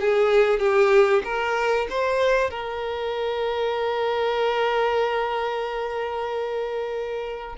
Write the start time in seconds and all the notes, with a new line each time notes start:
0.00 G#4
0.59 G4
1.24 A#4
1.90 C5
2.50 A#4